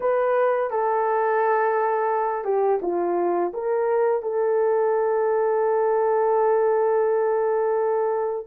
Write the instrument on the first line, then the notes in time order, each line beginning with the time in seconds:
horn
0.00 B4
0.70 A4
2.44 G4
2.81 F4
3.53 A#4
4.22 A4